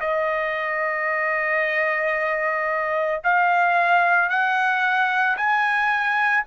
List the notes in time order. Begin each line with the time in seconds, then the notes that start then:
0.00 D#5
3.23 F5
4.29 F#5
5.37 G#5